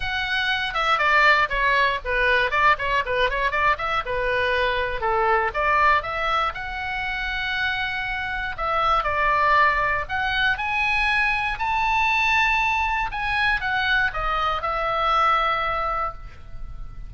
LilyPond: \new Staff \with { instrumentName = "oboe" } { \time 4/4 \tempo 4 = 119 fis''4. e''8 d''4 cis''4 | b'4 d''8 cis''8 b'8 cis''8 d''8 e''8 | b'2 a'4 d''4 | e''4 fis''2.~ |
fis''4 e''4 d''2 | fis''4 gis''2 a''4~ | a''2 gis''4 fis''4 | dis''4 e''2. | }